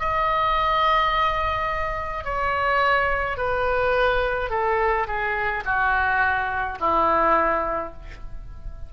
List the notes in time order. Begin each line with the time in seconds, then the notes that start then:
0.00 D#5
2.25 C#5
3.38 B4
4.50 A4
5.07 G#4
5.66 F#4
6.80 E4